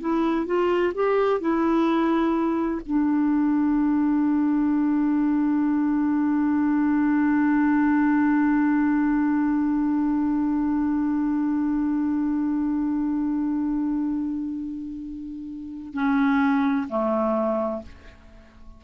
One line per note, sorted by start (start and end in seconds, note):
0.00 0.46 E4
0.46 0.92 F4
0.94 1.40 G4
1.40 2.81 E4
2.86 15.93 D4
15.93 16.87 C#4
16.88 17.82 A3